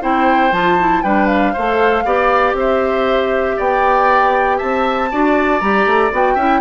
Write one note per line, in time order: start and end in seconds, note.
0.00 0.51 C4
0.00 0.51 E4
0.00 1.03 C5
0.00 0.52 G5
0.51 1.02 F3
0.51 0.77 F4
0.51 1.02 A5
0.79 1.04 E4
1.02 1.54 G3
1.02 1.55 D4
1.02 1.52 B4
1.02 1.26 G5
1.26 2.54 F5
1.52 2.05 A3
1.52 2.05 A4
1.52 2.03 C5
2.05 2.53 B3
2.05 5.10 G4
2.05 2.56 D5
2.53 3.55 C4
2.53 3.56 C5
2.53 3.59 E5
3.56 4.60 B3
3.56 4.57 D5
3.56 4.58 G5
4.57 5.12 C4
4.57 5.08 E5
4.57 5.60 A5
5.11 5.61 D4
5.11 5.61 F#4
5.11 6.34 D5
5.60 5.85 G3
5.60 6.11 G4
5.60 6.11 A#5
5.85 6.11 A3
6.11 6.35 B3
6.11 6.36 F#4
6.11 6.60 G5
6.34 6.60 C#4
6.34 6.60 E4
6.34 6.59 E5